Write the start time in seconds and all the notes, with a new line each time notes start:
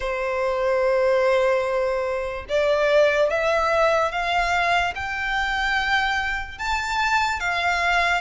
0.00 C5
2.48 D5
3.30 E5
4.11 F5
4.95 G5
6.58 A5
7.40 F5